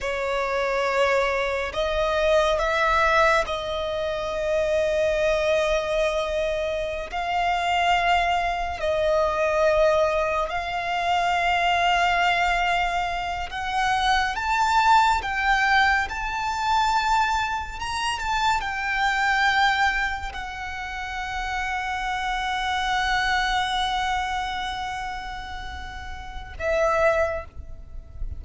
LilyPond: \new Staff \with { instrumentName = "violin" } { \time 4/4 \tempo 4 = 70 cis''2 dis''4 e''4 | dis''1~ | dis''16 f''2 dis''4.~ dis''16~ | dis''16 f''2.~ f''8 fis''16~ |
fis''8. a''4 g''4 a''4~ a''16~ | a''8. ais''8 a''8 g''2 fis''16~ | fis''1~ | fis''2. e''4 | }